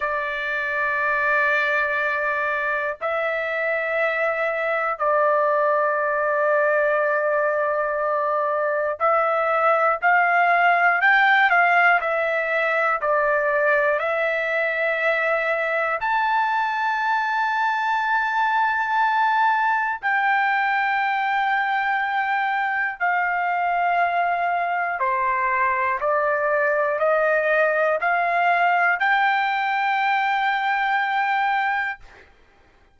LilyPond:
\new Staff \with { instrumentName = "trumpet" } { \time 4/4 \tempo 4 = 60 d''2. e''4~ | e''4 d''2.~ | d''4 e''4 f''4 g''8 f''8 | e''4 d''4 e''2 |
a''1 | g''2. f''4~ | f''4 c''4 d''4 dis''4 | f''4 g''2. | }